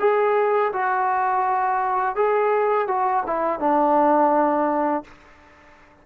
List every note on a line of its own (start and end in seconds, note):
0.00 0.72 G#4
0.73 2.16 F#4
2.16 2.88 G#4
2.88 3.24 F#4
3.27 3.60 E4
3.60 5.04 D4